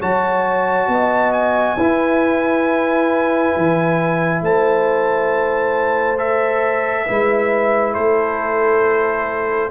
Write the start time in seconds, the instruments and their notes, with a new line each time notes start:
0.00 tuba F#3, trombone F#4, horn C#5, trumpet A5
0.87 tuba B3, horn D#5
1.33 trumpet G#5
1.77 tuba E4, trombone E4, horn B4
3.57 tuba E3
4.41 tuba A3, horn C5, trumpet A5
6.17 trombone A4, trumpet E5
7.06 tuba G#3, trombone E4, horn B4
7.94 tuba A3, horn A4, trumpet C5